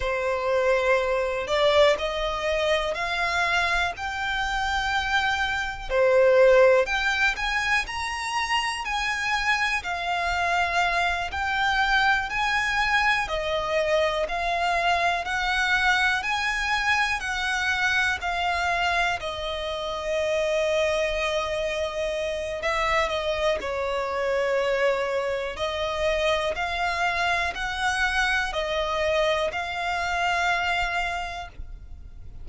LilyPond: \new Staff \with { instrumentName = "violin" } { \time 4/4 \tempo 4 = 61 c''4. d''8 dis''4 f''4 | g''2 c''4 g''8 gis''8 | ais''4 gis''4 f''4. g''8~ | g''8 gis''4 dis''4 f''4 fis''8~ |
fis''8 gis''4 fis''4 f''4 dis''8~ | dis''2. e''8 dis''8 | cis''2 dis''4 f''4 | fis''4 dis''4 f''2 | }